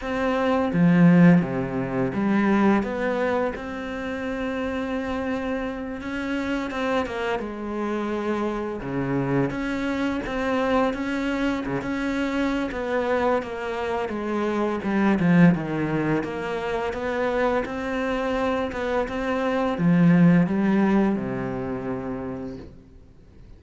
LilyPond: \new Staff \with { instrumentName = "cello" } { \time 4/4 \tempo 4 = 85 c'4 f4 c4 g4 | b4 c'2.~ | c'8 cis'4 c'8 ais8 gis4.~ | gis8 cis4 cis'4 c'4 cis'8~ |
cis'8 cis16 cis'4~ cis'16 b4 ais4 | gis4 g8 f8 dis4 ais4 | b4 c'4. b8 c'4 | f4 g4 c2 | }